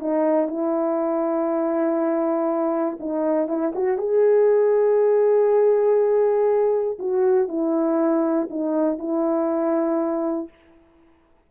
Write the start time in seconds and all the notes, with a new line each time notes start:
0.00 D#4
0.48 E4
3.00 D#4
3.48 E4
3.75 F#4
3.98 G#4
7.00 F#4
7.48 E4
8.51 D#4
8.99 E4